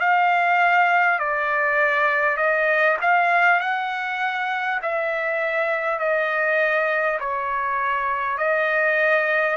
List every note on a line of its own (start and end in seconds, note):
0.00 1.19 F5
1.19 2.37 D5
2.37 2.97 D#5
3.02 3.60 F5
3.60 4.80 F#5
4.82 5.99 E5
5.99 7.19 D#5
7.20 8.38 C#5
8.38 9.57 D#5